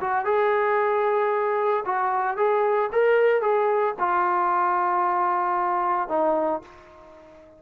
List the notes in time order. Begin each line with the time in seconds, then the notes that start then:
0.00 F#4
0.25 G#4
1.85 F#4
2.37 G#4
2.92 A#4
3.41 G#4
3.99 F4
6.08 D#4